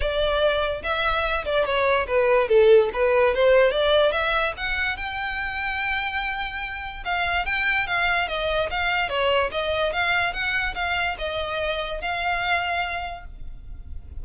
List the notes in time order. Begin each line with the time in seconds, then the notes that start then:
0.00 D5
0.82 E5
1.45 D5
1.65 C#5
2.07 B4
2.48 A4
2.93 B4
3.34 C5
3.71 D5
4.12 E5
4.57 F#5
4.96 G5
7.04 F5
7.45 G5
7.87 F5
8.28 D#5
8.70 F5
9.09 C#5
9.51 D#5
9.93 F5
10.33 F#5
10.75 F5
11.18 D#5
12.01 F5